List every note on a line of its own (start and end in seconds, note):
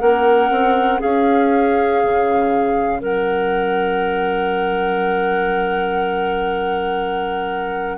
0.00 0.51 A#3
0.00 7.98 C#4
0.00 0.99 A#4
0.00 1.00 F#5
0.51 1.01 C4
0.99 2.03 C#4
0.99 2.99 G#4
0.99 3.02 F5
2.03 3.01 C#3
3.00 7.98 F#3
3.00 7.98 A#4
3.00 7.98 F#5